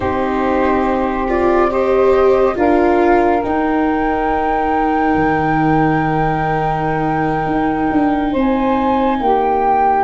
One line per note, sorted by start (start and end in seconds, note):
0.00 2.53 C4
0.00 1.27 D#4
0.00 1.69 G4
0.00 1.27 C5
1.27 1.70 F4
1.27 1.71 D5
1.70 2.55 G4
1.70 2.55 C5
1.70 2.57 D#5
2.55 3.42 D4
2.55 3.40 F4
2.55 8.32 A#4
2.55 3.42 F5
3.42 10.04 D#4
3.42 5.14 D#4
3.42 8.35 G5
5.14 7.46 D#3
7.46 7.88 D#4
7.91 8.34 D4
8.32 9.20 C4
8.32 9.17 C5
8.32 9.22 G#5
9.20 10.04 A#3
9.20 10.04 G4
9.20 10.04 G5